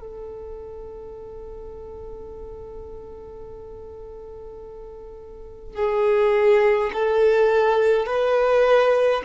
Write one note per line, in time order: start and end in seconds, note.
0.00 5.75 A4
5.75 6.91 G#4
6.93 8.06 A4
8.06 9.22 B4